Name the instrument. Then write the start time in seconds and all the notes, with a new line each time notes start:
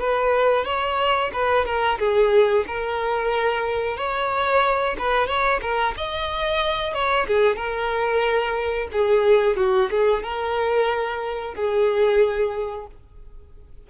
violin
0.00 B4
0.65 C#5
1.33 B4
1.66 A#4
1.99 G#4
2.67 A#4
3.97 C#5
4.99 B4
5.27 C#5
5.62 A#4
5.97 D#5
6.94 C#5
7.27 G#4
7.57 A#4
8.92 G#4
9.57 F#4
9.91 G#4
10.23 A#4
11.55 G#4